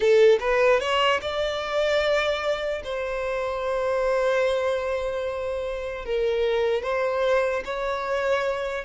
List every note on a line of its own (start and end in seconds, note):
0.00 0.38 A4
0.40 0.80 B4
0.80 1.20 C#5
1.21 2.82 D5
2.84 6.05 C5
6.05 6.82 A#4
6.82 7.63 C5
7.64 8.84 C#5